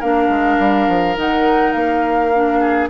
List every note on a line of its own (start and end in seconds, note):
0.00 0.29 A#3
0.00 1.16 D4
0.00 2.60 A#4
0.00 1.17 F5
0.29 0.57 G#3
0.59 0.88 G3
0.88 1.17 F3
1.16 1.75 D#3
1.16 2.32 D#4
1.16 1.73 F#5
1.73 2.90 A#3
1.73 2.88 F5
2.34 2.90 D4
2.60 2.89 G#4